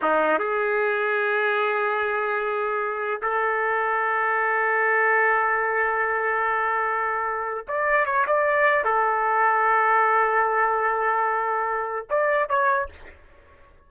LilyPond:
\new Staff \with { instrumentName = "trumpet" } { \time 4/4 \tempo 4 = 149 dis'4 gis'2.~ | gis'1 | a'1~ | a'1~ |
a'2. d''4 | cis''8 d''4. a'2~ | a'1~ | a'2 d''4 cis''4 | }